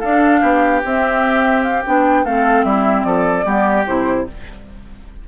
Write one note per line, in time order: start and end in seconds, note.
0.00 0.42 D4
0.00 0.84 D4
0.00 0.41 A4
0.00 0.82 F5
0.41 0.83 B3
0.41 2.23 G4
0.85 1.86 C4
0.85 1.63 E5
1.63 1.83 F5
1.86 2.25 B3
1.86 2.26 D4
1.86 2.26 G5
2.25 2.65 A3
2.25 3.44 C4
2.25 2.66 A4
2.25 2.65 F5
2.65 3.05 G3
2.65 3.07 E4
2.65 3.04 E5
3.04 3.45 F3
3.04 3.46 A4
3.04 3.85 D5
3.44 3.86 G3
3.44 3.85 B3
3.44 4.27 G4
3.87 4.29 C3
3.87 4.27 E4
3.87 4.28 C5